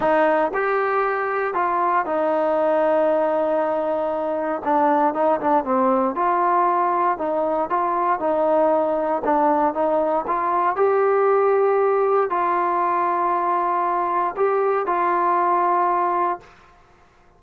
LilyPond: \new Staff \with { instrumentName = "trombone" } { \time 4/4 \tempo 4 = 117 dis'4 g'2 f'4 | dis'1~ | dis'4 d'4 dis'8 d'8 c'4 | f'2 dis'4 f'4 |
dis'2 d'4 dis'4 | f'4 g'2. | f'1 | g'4 f'2. | }